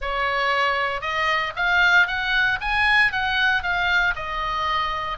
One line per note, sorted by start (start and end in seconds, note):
0.01 1.01 C#5
1.01 1.53 D#5
1.56 2.07 F5
2.07 2.58 F#5
2.60 3.12 G#5
3.12 3.62 F#5
3.62 4.14 F5
4.15 5.17 D#5